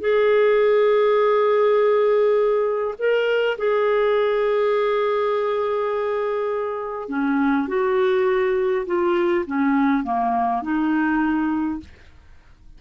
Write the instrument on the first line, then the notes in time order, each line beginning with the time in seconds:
clarinet
0.00 G#4
2.98 A#4
3.57 G#4
7.09 C#4
7.68 F#4
8.86 F4
9.46 C#4
10.03 A#3
10.62 D#4